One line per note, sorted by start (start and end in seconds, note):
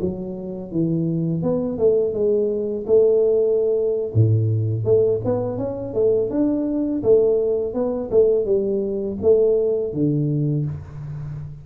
0.00 0.71 F#3
0.71 1.42 E3
1.42 1.78 B3
1.78 2.13 A3
2.13 2.85 G#3
2.86 4.13 A3
4.14 4.84 A2
4.84 5.20 A3
5.24 5.58 B3
5.58 5.93 C#4
5.93 6.30 A3
6.30 7.02 D4
7.03 7.73 A3
7.73 8.10 B3
8.11 8.45 A3
8.45 9.17 G3
9.21 9.93 A3
9.93 10.65 D3